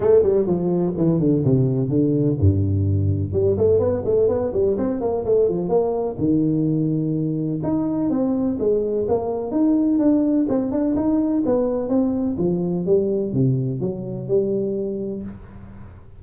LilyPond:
\new Staff \with { instrumentName = "tuba" } { \time 4/4 \tempo 4 = 126 a8 g8 f4 e8 d8 c4 | d4 g,2 g8 a8 | b8 a8 b8 g8 c'8 ais8 a8 f8 | ais4 dis2. |
dis'4 c'4 gis4 ais4 | dis'4 d'4 c'8 d'8 dis'4 | b4 c'4 f4 g4 | c4 fis4 g2 | }